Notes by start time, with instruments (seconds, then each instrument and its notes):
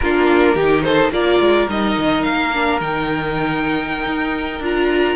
0.00 cello A#3, viola D4, violin F4 A#4
0.54 cello D#3, viola D#4, violin G4
0.82 violin A4 C5
1.11 cello A#3, viola F4, violin A#4 D5
1.39 cello G#3
1.68 cello G3, viola D#4, violin D#5
1.97 cello D#3
2.23 cello A#3, violin F5
2.53 viola D4
2.80 cello D#3, viola D#4, violin G5
4.05 cello D#4
4.59 cello D4, viola F4, violin A#5